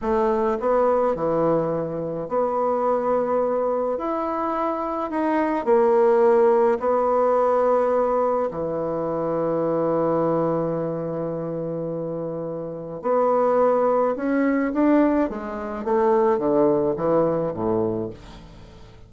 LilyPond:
\new Staff \with { instrumentName = "bassoon" } { \time 4/4 \tempo 4 = 106 a4 b4 e2 | b2. e'4~ | e'4 dis'4 ais2 | b2. e4~ |
e1~ | e2. b4~ | b4 cis'4 d'4 gis4 | a4 d4 e4 a,4 | }